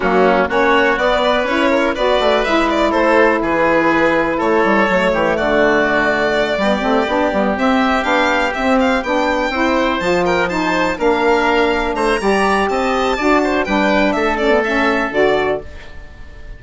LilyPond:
<<
  \new Staff \with { instrumentName = "violin" } { \time 4/4 \tempo 4 = 123 fis'4 cis''4 d''4 cis''4 | d''4 e''8 d''8 c''4 b'4~ | b'4 cis''2 d''4~ | d''2.~ d''8 e''8~ |
e''8 f''4 e''8 f''8 g''4.~ | g''8 a''8 g''8 a''4 f''4.~ | f''8 ais''4. a''2 | g''4 e''8 d''8 e''4 d''4 | }
  \new Staff \with { instrumentName = "oboe" } { \time 4/4 cis'4 fis'4. b'4 ais'8 | b'2 a'4 gis'4~ | gis'4 a'4. g'8 fis'4~ | fis'4. g'2~ g'8~ |
g'2.~ g'8 c''8~ | c''4 ais'8 c''4 ais'4.~ | ais'8 c''8 d''4 dis''4 d''8 c''8 | b'4 a'2. | }
  \new Staff \with { instrumentName = "saxophone" } { \time 4/4 ais4 cis'4 b4 e'4 | fis'4 e'2.~ | e'2 a2~ | a4. b8 c'8 d'8 b8 c'8~ |
c'8 d'4 c'4 d'4 e'8~ | e'8 f'4 dis'4 d'4.~ | d'4 g'2 fis'4 | d'4. cis'16 b16 cis'4 fis'4 | }
  \new Staff \with { instrumentName = "bassoon" } { \time 4/4 fis4 ais4 b4 cis'4 | b8 a8 gis4 a4 e4~ | e4 a8 g8 fis8 e8 d4~ | d4. g8 a8 b8 g8 c'8~ |
c'8 b4 c'4 b4 c'8~ | c'8 f2 ais4.~ | ais8 a8 g4 c'4 d'4 | g4 a2 d4 | }
>>